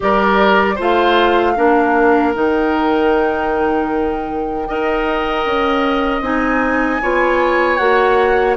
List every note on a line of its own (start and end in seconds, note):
0.00 0.79 G3
0.00 0.77 G4
0.00 0.75 A#4
0.00 0.79 D5
0.75 1.57 A3
0.75 1.56 F4
0.75 1.53 C5
0.81 2.34 F5
1.56 2.34 A#3
1.56 2.34 D4
1.56 4.68 A#4
2.34 4.68 D#3
2.34 4.68 D#4
2.34 6.22 G5
4.68 5.46 D#4
4.68 6.22 A#4
4.68 7.01 D#5
5.46 6.20 C#4
6.20 6.98 C4
6.20 7.00 D#4
6.20 7.76 G#5
7.01 7.79 B3
7.01 7.78 F4
7.01 8.57 C#5
7.76 8.57 A#3
7.76 8.56 F#4
7.76 8.54 F#5